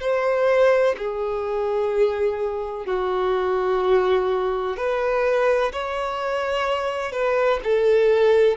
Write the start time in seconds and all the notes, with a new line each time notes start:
0.00 C5
0.97 G#4
2.86 F#4
4.77 B4
5.72 C#5
7.12 B4
7.64 A4